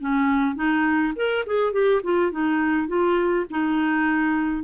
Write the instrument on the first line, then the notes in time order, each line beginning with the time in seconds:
clarinet
0.00 C#4
0.55 D#4
1.16 A#4
1.46 G#4
1.73 G4
2.03 F4
2.31 D#4
2.88 F4
3.50 D#4